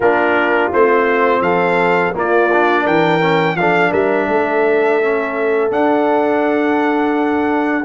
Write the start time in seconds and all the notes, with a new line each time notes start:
0.00 A#3 D4 F4 A#4
0.72 A3 C4 C5
1.40 F3 A4 F5
2.14 A#3 F4 D5
2.52 D4
2.82 E3 A#4 G5
3.21 C#4
3.55 F3 D4 A4 F5
3.90 G3 A#4 E5
4.28 A3 A4
5.02 C#4
5.70 D4 F#5